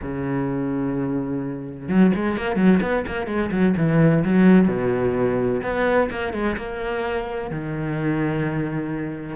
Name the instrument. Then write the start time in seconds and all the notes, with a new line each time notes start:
cello
0.02 C#3
1.88 F#3
2.15 G#3
2.37 A#3
2.56 F#3
2.81 B3
3.06 A#3
3.27 G#3
3.51 F#3
3.76 E3
4.24 F#3
4.68 B2
5.62 B3
6.10 A#3
6.33 G#3
6.57 A#3
7.50 D#3